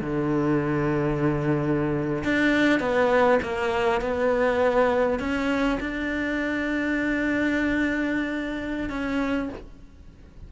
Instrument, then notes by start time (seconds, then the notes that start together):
cello
0.00 D3
2.23 D4
2.79 B3
3.42 A#3
4.00 B3
5.19 C#4
5.80 D4
8.89 C#4